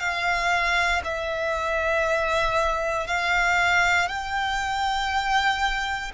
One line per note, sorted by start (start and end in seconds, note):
0.00 1.02 F5
1.04 3.07 E5
3.07 4.08 F5
4.08 6.12 G5